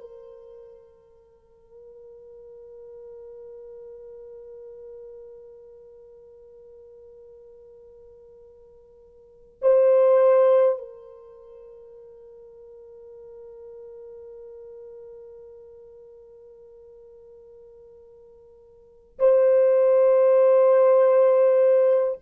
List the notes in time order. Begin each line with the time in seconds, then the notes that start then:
0.00 A#4
9.61 C5
10.78 A#4
19.19 C5